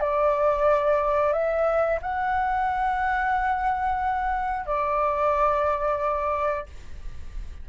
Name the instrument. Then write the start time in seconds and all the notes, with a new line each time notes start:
flute
0.00 D5
1.33 E5
2.02 F#5
4.66 D5